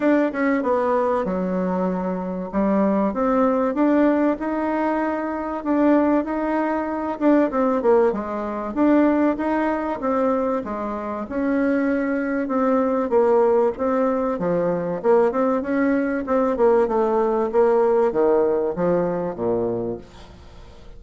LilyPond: \new Staff \with { instrumentName = "bassoon" } { \time 4/4 \tempo 4 = 96 d'8 cis'8 b4 fis2 | g4 c'4 d'4 dis'4~ | dis'4 d'4 dis'4. d'8 | c'8 ais8 gis4 d'4 dis'4 |
c'4 gis4 cis'2 | c'4 ais4 c'4 f4 | ais8 c'8 cis'4 c'8 ais8 a4 | ais4 dis4 f4 ais,4 | }